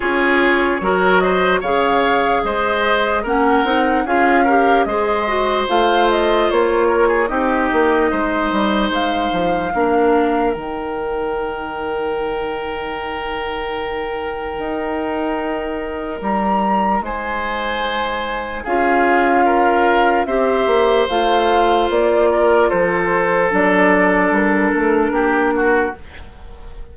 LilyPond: <<
  \new Staff \with { instrumentName = "flute" } { \time 4/4 \tempo 4 = 74 cis''4. dis''8 f''4 dis''4 | fis''4 f''4 dis''4 f''8 dis''8 | cis''4 dis''2 f''4~ | f''4 g''2.~ |
g''1 | ais''4 gis''2 f''4~ | f''4 e''4 f''4 d''4 | c''4 d''4 ais'2 | }
  \new Staff \with { instrumentName = "oboe" } { \time 4/4 gis'4 ais'8 c''8 cis''4 c''4 | ais'4 gis'8 ais'8 c''2~ | c''8 ais'16 gis'16 g'4 c''2 | ais'1~ |
ais'1~ | ais'4 c''2 gis'4 | ais'4 c''2~ c''8 ais'8 | a'2. g'8 fis'8 | }
  \new Staff \with { instrumentName = "clarinet" } { \time 4/4 f'4 fis'4 gis'2 | cis'8 dis'8 f'8 g'8 gis'8 fis'8 f'4~ | f'4 dis'2. | d'4 dis'2.~ |
dis'1~ | dis'2. f'4~ | f'4 g'4 f'2~ | f'4 d'2. | }
  \new Staff \with { instrumentName = "bassoon" } { \time 4/4 cis'4 fis4 cis4 gis4 | ais8 c'8 cis'4 gis4 a4 | ais4 c'8 ais8 gis8 g8 gis8 f8 | ais4 dis2.~ |
dis2 dis'2 | g4 gis2 cis'4~ | cis'4 c'8 ais8 a4 ais4 | f4 fis4 g8 a8 ais4 | }
>>